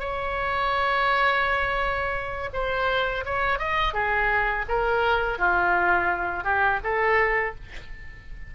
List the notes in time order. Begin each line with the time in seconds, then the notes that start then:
0.00 C#5
2.53 C5
3.25 C#5
3.59 D#5
3.94 G#4
4.69 A#4
5.39 F4
6.44 G4
6.84 A4